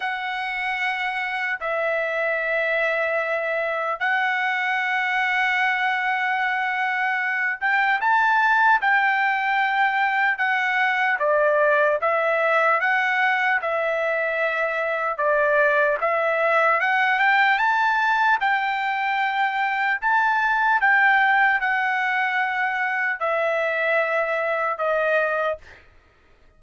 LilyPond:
\new Staff \with { instrumentName = "trumpet" } { \time 4/4 \tempo 4 = 75 fis''2 e''2~ | e''4 fis''2.~ | fis''4. g''8 a''4 g''4~ | g''4 fis''4 d''4 e''4 |
fis''4 e''2 d''4 | e''4 fis''8 g''8 a''4 g''4~ | g''4 a''4 g''4 fis''4~ | fis''4 e''2 dis''4 | }